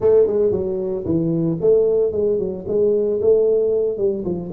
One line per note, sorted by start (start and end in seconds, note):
0.00 0.27 A3
0.27 0.51 G#3
0.51 1.04 F#3
1.05 1.58 E3
1.60 2.12 A3
2.12 2.38 G#3
2.38 2.65 F#3
2.67 3.21 G#3
3.21 3.97 A3
3.97 4.24 G3
4.24 4.51 F3